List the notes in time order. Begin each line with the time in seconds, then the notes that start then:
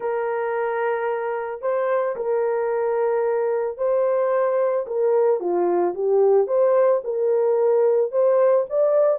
0.00 A#4
1.61 C5
2.15 A#4
3.77 C5
4.86 A#4
5.39 F4
5.94 G4
6.47 C5
7.03 A#4
8.11 C5
8.69 D5